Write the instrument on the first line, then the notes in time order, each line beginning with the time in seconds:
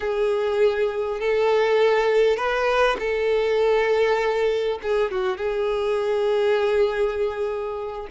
violin
0.00 G#4
1.20 A4
2.36 B4
2.99 A4
4.82 G#4
5.11 F#4
5.37 G#4